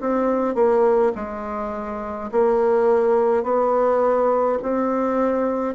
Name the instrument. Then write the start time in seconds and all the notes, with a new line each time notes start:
bassoon
0.00 C4
0.55 A#3
1.15 G#3
2.31 A#3
3.42 B3
4.62 C4